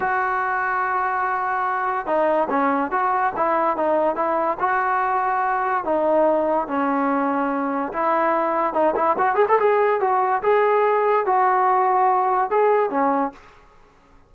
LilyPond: \new Staff \with { instrumentName = "trombone" } { \time 4/4 \tempo 4 = 144 fis'1~ | fis'4 dis'4 cis'4 fis'4 | e'4 dis'4 e'4 fis'4~ | fis'2 dis'2 |
cis'2. e'4~ | e'4 dis'8 e'8 fis'8 gis'16 a'16 gis'4 | fis'4 gis'2 fis'4~ | fis'2 gis'4 cis'4 | }